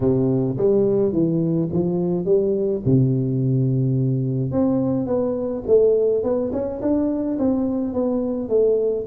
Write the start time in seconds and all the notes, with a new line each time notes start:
0.00 C3
0.57 G3
1.12 E3
1.72 F3
2.25 G3
2.85 C3
4.51 C4
5.06 B3
5.67 A3
6.23 B3
6.52 C#4
6.81 D4
7.39 C4
7.93 B3
8.49 A3